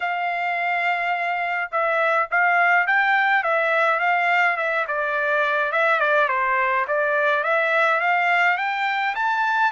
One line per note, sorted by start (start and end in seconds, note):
0.00 1.70 F5
1.71 2.28 E5
2.30 2.86 F5
2.86 3.43 G5
3.43 3.99 E5
3.99 4.56 F5
4.57 4.85 E5
4.87 5.71 D5
5.71 6.00 E5
6.00 6.28 D5
6.28 6.85 C5
6.87 7.43 D5
7.43 8.00 E5
8.00 8.57 F5
8.57 9.14 G5
9.15 9.71 A5